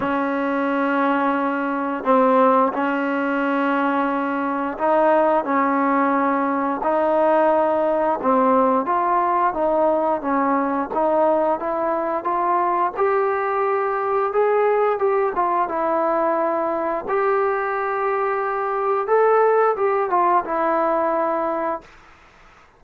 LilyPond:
\new Staff \with { instrumentName = "trombone" } { \time 4/4 \tempo 4 = 88 cis'2. c'4 | cis'2. dis'4 | cis'2 dis'2 | c'4 f'4 dis'4 cis'4 |
dis'4 e'4 f'4 g'4~ | g'4 gis'4 g'8 f'8 e'4~ | e'4 g'2. | a'4 g'8 f'8 e'2 | }